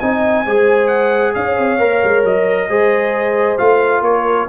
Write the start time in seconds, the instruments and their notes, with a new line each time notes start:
0.00 tuba C4, trombone D#4, horn D#5, trumpet G#5
0.46 tuba G#3, trombone G#4, horn C5
0.88 trumpet F#5
1.35 tuba C#4, horn C#5, trumpet F5
1.58 tuba C4
1.79 tuba A#3, trombone A#4
2.04 tuba G#3
2.24 tuba F#3, trumpet D#5
2.69 tuba G#3, trombone G#4, horn C5
3.58 tuba A3, trombone F4, trumpet F5
4.01 tuba A#3, horn A#4, trumpet C#5